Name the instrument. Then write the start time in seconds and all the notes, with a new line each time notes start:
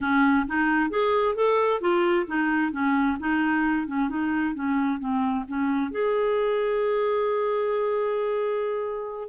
clarinet
0.00 C#4
0.47 D#4
0.90 G#4
1.35 A4
1.81 F4
2.26 D#4
2.71 C#4
3.19 D#4
3.87 C#4
4.09 D#4
4.55 C#4
4.99 C4
5.48 C#4
5.91 G#4